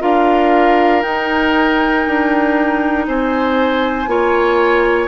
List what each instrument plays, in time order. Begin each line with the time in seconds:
0.00 bassoon D4, clarinet F4, oboe A#4, flute F5
1.02 clarinet D#4, bassoon D#4, flute G5
2.06 bassoon D4
3.07 bassoon C4, oboe C5, flute G#5
4.07 bassoon A#3, clarinet F4, oboe C#5